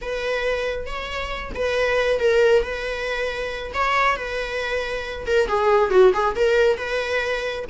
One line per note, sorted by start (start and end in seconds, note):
0.01 0.86 B4
0.86 1.52 C#5
1.54 2.19 B4
2.19 2.62 A#4
2.62 3.72 B4
3.74 4.16 C#5
4.16 5.26 B4
5.26 5.47 A#4
5.47 5.90 G#4
5.90 6.12 F#4
6.13 6.35 G#4
6.35 6.77 A#4
6.77 7.64 B4